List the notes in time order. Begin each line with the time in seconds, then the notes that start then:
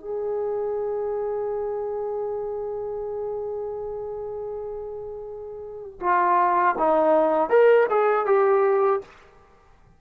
0.00 G#4
6.00 F4
6.79 D#4
7.50 A#4
7.90 G#4
8.26 G4